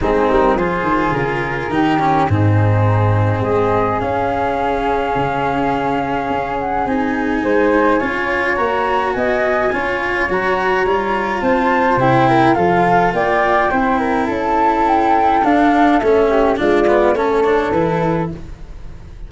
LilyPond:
<<
  \new Staff \with { instrumentName = "flute" } { \time 4/4 \tempo 4 = 105 gis'8 ais'8 c''4 ais'2 | gis'2 dis''4 f''4~ | f''2.~ f''8 fis''8 | gis''2. ais''4 |
gis''2 ais''2 | a''4 g''4 f''4 g''4~ | g''4 a''4 g''4 f''4 | e''4 d''4 cis''4 b'4 | }
  \new Staff \with { instrumentName = "flute" } { \time 4/4 dis'4 gis'2 g'4 | dis'2 gis'2~ | gis'1~ | gis'4 c''4 cis''2 |
dis''4 cis''2. | c''4. ais'8 a'4 d''4 | c''8 ais'8 a'2.~ | a'8 g'8 f'4 a'2 | }
  \new Staff \with { instrumentName = "cello" } { \time 4/4 c'4 f'2 dis'8 cis'8 | c'2. cis'4~ | cis'1 | dis'2 f'4 fis'4~ |
fis'4 f'4 fis'4 f'4~ | f'4 e'4 f'2 | e'2. d'4 | cis'4 d'8 b8 cis'8 d'8 e'4 | }
  \new Staff \with { instrumentName = "tuba" } { \time 4/4 gis8 g8 f8 dis8 cis4 dis4 | gis,2 gis4 cis'4~ | cis'4 cis2 cis'4 | c'4 gis4 cis'4 ais4 |
b4 cis'4 fis4 g4 | c'4 c4 f4 ais4 | c'4 cis'2 d'4 | a4 gis4 a4 e4 | }
>>